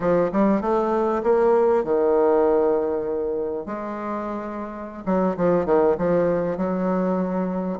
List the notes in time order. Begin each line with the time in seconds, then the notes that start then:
0.00 F3
0.32 G3
0.61 A3
1.23 A#3
1.84 D#3
3.65 G#3
5.05 F#3
5.36 F3
5.65 D#3
5.97 F3
6.57 F#3